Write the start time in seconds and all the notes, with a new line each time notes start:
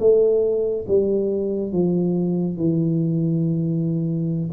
0.00 A3
0.88 G3
1.73 F3
2.58 E3